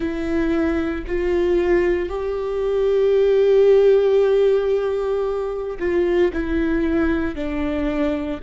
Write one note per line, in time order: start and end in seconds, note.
0.00 1.04 E4
1.06 2.09 F4
2.09 5.78 G4
5.79 6.32 F4
6.33 7.35 E4
7.35 8.40 D4